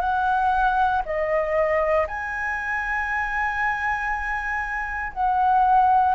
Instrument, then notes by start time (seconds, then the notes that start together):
flute
0.00 F#5
1.05 D#5
2.07 G#5
5.13 F#5